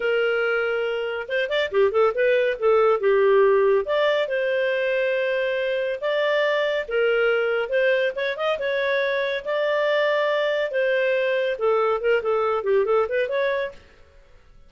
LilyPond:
\new Staff \with { instrumentName = "clarinet" } { \time 4/4 \tempo 4 = 140 ais'2. c''8 d''8 | g'8 a'8 b'4 a'4 g'4~ | g'4 d''4 c''2~ | c''2 d''2 |
ais'2 c''4 cis''8 dis''8 | cis''2 d''2~ | d''4 c''2 a'4 | ais'8 a'4 g'8 a'8 b'8 cis''4 | }